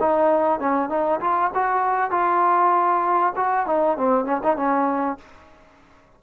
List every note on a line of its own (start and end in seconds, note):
0.00 0.60 D#4
0.60 0.89 C#4
0.89 1.20 D#4
1.20 1.51 F4
1.54 2.11 F#4
2.11 3.33 F4
3.36 3.67 F#4
3.67 3.97 D#4
3.97 4.25 C4
4.25 4.40 C#4
4.43 4.56 D#4
4.56 5.18 C#4